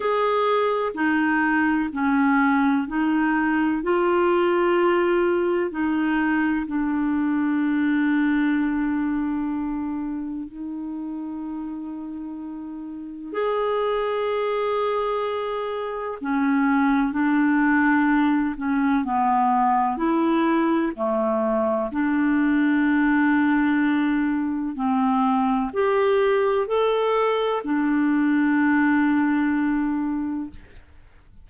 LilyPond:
\new Staff \with { instrumentName = "clarinet" } { \time 4/4 \tempo 4 = 63 gis'4 dis'4 cis'4 dis'4 | f'2 dis'4 d'4~ | d'2. dis'4~ | dis'2 gis'2~ |
gis'4 cis'4 d'4. cis'8 | b4 e'4 a4 d'4~ | d'2 c'4 g'4 | a'4 d'2. | }